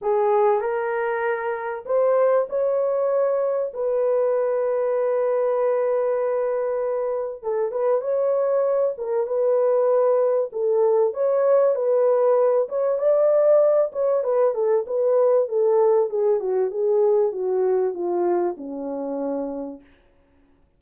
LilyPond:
\new Staff \with { instrumentName = "horn" } { \time 4/4 \tempo 4 = 97 gis'4 ais'2 c''4 | cis''2 b'2~ | b'1 | a'8 b'8 cis''4. ais'8 b'4~ |
b'4 a'4 cis''4 b'4~ | b'8 cis''8 d''4. cis''8 b'8 a'8 | b'4 a'4 gis'8 fis'8 gis'4 | fis'4 f'4 cis'2 | }